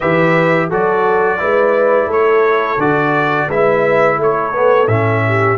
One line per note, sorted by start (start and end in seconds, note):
0.00 0.71 E3
0.00 0.70 G4
0.00 0.67 B4
0.00 0.69 E5
0.69 1.40 F#3
0.69 1.38 F#4
0.69 1.39 A4
0.69 2.11 D5
1.38 2.06 G#3
1.38 2.77 E4
1.38 2.07 B4
2.06 2.76 A3
2.06 3.47 A4
2.06 2.80 C#5
2.77 3.47 D3
2.77 3.50 F#4
2.77 3.50 D5
3.47 4.17 G#3
3.47 4.52 E4
3.47 4.17 B4
3.47 4.20 E5
4.17 4.87 A3
4.17 5.25 A4
4.17 4.87 C#5
4.52 4.87 B3
4.87 5.57 A2
4.87 5.58 C#4
4.87 5.57 E5
5.27 5.58 G4